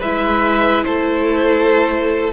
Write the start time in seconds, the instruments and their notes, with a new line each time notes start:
0.00 cello G#3, viola E4, violin B4 E5
0.84 cello A3, violin A4 C5